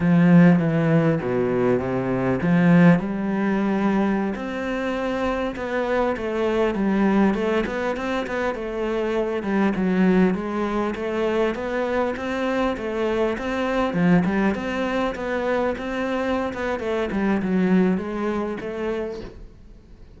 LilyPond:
\new Staff \with { instrumentName = "cello" } { \time 4/4 \tempo 4 = 100 f4 e4 b,4 c4 | f4 g2~ g16 c'8.~ | c'4~ c'16 b4 a4 g8.~ | g16 a8 b8 c'8 b8 a4. g16~ |
g16 fis4 gis4 a4 b8.~ | b16 c'4 a4 c'4 f8 g16~ | g16 c'4 b4 c'4~ c'16 b8 | a8 g8 fis4 gis4 a4 | }